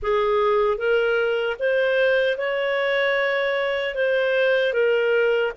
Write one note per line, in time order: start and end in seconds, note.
0.02 0.77 G#4
0.77 1.56 A#4
1.59 2.37 C5
2.37 3.95 C#5
3.95 4.73 C5
4.73 5.52 A#4